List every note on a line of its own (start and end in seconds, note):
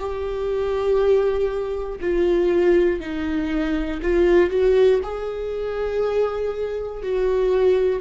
0.00 2.00 G4
2.01 3.01 F4
3.01 4.01 D#4
4.03 4.51 F4
4.51 5.01 F#4
5.03 7.03 G#4
7.03 8.01 F#4